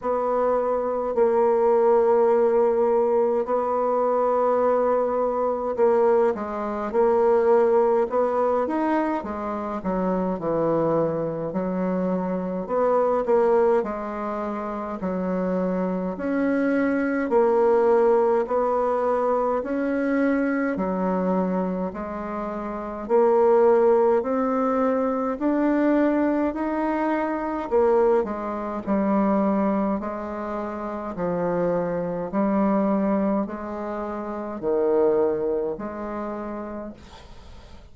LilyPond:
\new Staff \with { instrumentName = "bassoon" } { \time 4/4 \tempo 4 = 52 b4 ais2 b4~ | b4 ais8 gis8 ais4 b8 dis'8 | gis8 fis8 e4 fis4 b8 ais8 | gis4 fis4 cis'4 ais4 |
b4 cis'4 fis4 gis4 | ais4 c'4 d'4 dis'4 | ais8 gis8 g4 gis4 f4 | g4 gis4 dis4 gis4 | }